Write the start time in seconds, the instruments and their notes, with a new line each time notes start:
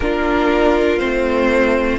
0.00 cello A#3, viola D4, violin F4 A#4
0.98 cello A3, viola C4, violin C5